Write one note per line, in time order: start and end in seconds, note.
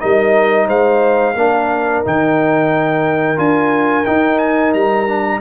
0.00 0.68 G3
0.00 1.35 D#4
0.00 0.67 A#4
0.00 0.68 D#5
0.67 1.35 G#3
0.67 1.35 C5
0.67 2.04 F5
1.35 2.03 A#3
1.35 2.05 D4
1.35 5.40 A#4
2.05 3.38 D#3
2.05 3.37 D#4
2.05 3.39 G5
3.37 4.06 D4
3.37 4.04 F4
3.37 4.06 G#5
4.06 5.08 D#4
4.06 4.74 D#4
4.06 4.39 G5
4.39 4.73 G#5
4.74 5.41 G3
4.74 5.41 A#5
5.08 5.41 D4